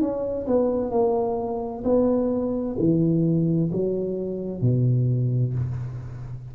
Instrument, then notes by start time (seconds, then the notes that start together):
tuba
0.00 C#4
0.47 B3
0.90 A#3
1.84 B3
2.78 E3
3.71 F#3
4.61 B2